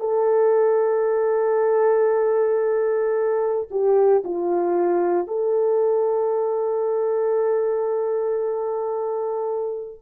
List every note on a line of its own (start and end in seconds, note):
0.00 3.68 A4
3.71 4.23 G4
4.24 5.28 F4
5.28 10.01 A4